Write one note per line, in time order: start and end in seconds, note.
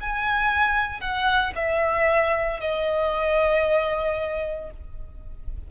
0.00 1.00 G#5
1.00 1.53 F#5
1.55 2.60 E5
2.60 4.70 D#5